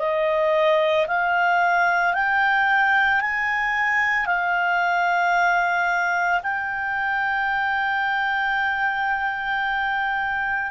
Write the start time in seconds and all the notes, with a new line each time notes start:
0.00 D#5
1.08 F5
2.14 G5
3.21 G#5
4.27 F5
6.43 G5